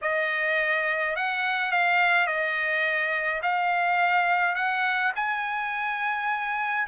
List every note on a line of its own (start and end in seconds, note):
0.01 1.16 D#5
1.16 1.71 F#5
1.71 2.26 F5
2.26 3.41 D#5
3.42 4.55 F5
4.55 5.12 F#5
5.15 6.87 G#5